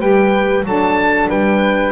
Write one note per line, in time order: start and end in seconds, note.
0.00 0.64 G3
0.00 0.64 G4
0.00 0.64 B4
0.00 0.64 G5
0.64 1.28 F#3
0.64 1.92 D4
0.64 1.29 A4
0.64 1.30 A5
1.29 1.92 G3
1.29 1.92 B4
1.29 1.92 G5